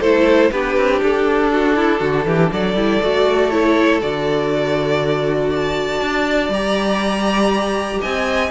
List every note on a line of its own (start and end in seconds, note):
0.00 0.51 A3
0.00 0.53 E4
0.00 0.50 A4
0.00 0.51 C5
0.51 0.76 B3
0.51 2.76 D4
0.51 1.51 G4
0.51 1.01 B4
0.76 1.01 C4
1.02 2.01 D4
1.02 2.52 A4
1.52 1.76 F#4
1.76 1.99 E4
1.99 2.25 D3
1.99 2.24 F#4
2.25 2.50 E3
2.25 2.52 G4
2.52 2.74 F#3
2.52 5.50 A4
2.52 3.51 D5
2.74 2.99 G3
2.74 3.01 E4
3.01 4.02 A3
3.01 3.51 F#4
3.51 4.01 E4
3.51 4.01 C#5
4.01 6.01 D3
4.01 6.51 F#4
4.01 5.52 D5
5.50 8.00 D5
5.50 6.53 A5
6.01 6.49 D4
6.49 7.99 G3
6.49 8.51 G4
6.49 8.01 A#5
8.01 8.51 C4
8.01 8.51 D#5
8.01 8.51 G#5